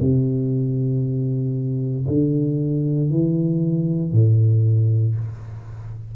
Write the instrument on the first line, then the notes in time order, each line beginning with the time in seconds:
tuba
0.00 C3
2.07 D3
3.10 E3
4.12 A2